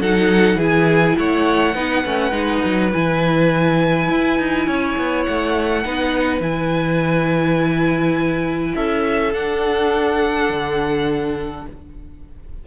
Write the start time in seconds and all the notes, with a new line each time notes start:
0.00 F#3 D#4 A4 F#5
0.55 E3 E4 G#4
0.62 G#5
1.18 A3 C#5 F#5
1.75 B3 D#4 B4
2.05 A3 C#4
2.31 G#3 D#4
2.65 F#3
2.92 E3 E4 G#5
4.09 E4
4.38 D#4
4.67 C#4 C#5
4.97 B3
5.24 A3 F#5
5.85 B3 D#4 B4
6.40 E3 E4 G#5
8.75 C#4 A4 E5
9.33 D4 F#5
10.50 D3